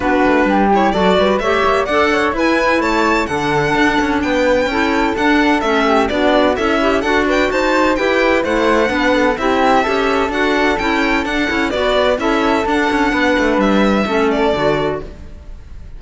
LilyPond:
<<
  \new Staff \with { instrumentName = "violin" } { \time 4/4 \tempo 4 = 128 b'4. cis''8 d''4 e''4 | fis''4 gis''4 a''4 fis''4~ | fis''4 g''2 fis''4 | e''4 d''4 e''4 fis''8 g''8 |
a''4 g''4 fis''2 | e''2 fis''4 g''4 | fis''4 d''4 e''4 fis''4~ | fis''4 e''4. d''4. | }
  \new Staff \with { instrumentName = "flute" } { \time 4/4 fis'4 g'4 a'8 b'8 cis''4 | d''8 cis''8 b'4 cis''4 a'4~ | a'4 b'4 a'2~ | a'8 g'8 fis'4 e'4 a'8 b'8 |
c''4 b'4 c''4 b'8 a'8 | g'4 a'2.~ | a'4 b'4 a'2 | b'2 a'2 | }
  \new Staff \with { instrumentName = "clarinet" } { \time 4/4 d'4. e'8 fis'4 g'4 | a'4 e'2 d'4~ | d'2 e'4 d'4 | cis'4 d'4 a'8 g'8 fis'4~ |
fis'4 g'4 e'4 d'4 | e'4 g'4 fis'4 e'4 | d'8 e'8 fis'4 e'4 d'4~ | d'2 cis'4 fis'4 | }
  \new Staff \with { instrumentName = "cello" } { \time 4/4 b8 a8 g4 fis8 g8 a8 ais8 | d'4 e'4 a4 d4 | d'8 cis'8 b4 cis'4 d'4 | a4 b4 cis'4 d'4 |
dis'4 e'4 a4 b4 | c'4 cis'4 d'4 cis'4 | d'8 cis'8 b4 cis'4 d'8 cis'8 | b8 a8 g4 a4 d4 | }
>>